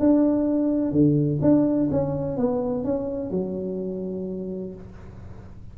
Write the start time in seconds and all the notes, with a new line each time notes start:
0.00 D4
0.92 D3
1.42 D4
1.91 C#4
2.37 B3
2.85 C#4
3.31 F#3